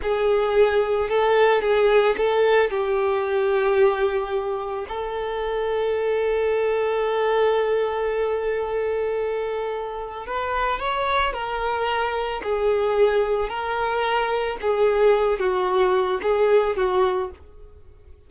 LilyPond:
\new Staff \with { instrumentName = "violin" } { \time 4/4 \tempo 4 = 111 gis'2 a'4 gis'4 | a'4 g'2.~ | g'4 a'2.~ | a'1~ |
a'2. b'4 | cis''4 ais'2 gis'4~ | gis'4 ais'2 gis'4~ | gis'8 fis'4. gis'4 fis'4 | }